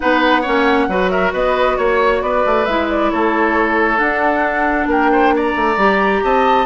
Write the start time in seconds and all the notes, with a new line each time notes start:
0.00 B3 D#4 B4 F#5
0.41 A#3 C#4 C#5
0.87 F#3 F#4 B4
1.09 A#4 E5
1.32 B3 B4 D#5
1.77 A#3 C#5
2.21 B3 B4 D5
2.45 A3
2.65 G#3 E4 E5
2.89 D5
3.10 A3 A4 C#5
3.97 D4 F#5
4.86 A#3 A#4 G5
5.11 C5
5.35 D5 A#5
5.55 A3
5.76 G3 G4
6.23 C4 D#5 A5